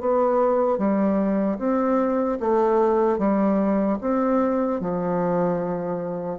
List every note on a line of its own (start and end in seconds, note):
0.00 0.78 B3
0.78 1.58 G3
1.59 2.38 C4
2.40 3.18 A3
3.18 3.98 G3
4.01 4.80 C4
4.80 6.39 F3